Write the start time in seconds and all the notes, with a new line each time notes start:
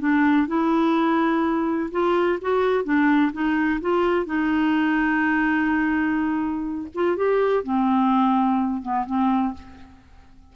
0.00 D4
0.48 E4
1.92 F4
2.42 F#4
2.84 D4
3.33 D#4
3.81 F4
4.26 D#4
6.95 F4
7.17 G4
7.64 C4
8.82 B3
9.06 C4